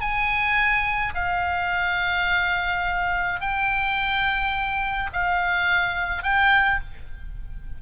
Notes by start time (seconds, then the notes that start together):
0.00 G#5
1.14 F5
3.40 G5
5.13 F5
6.23 G5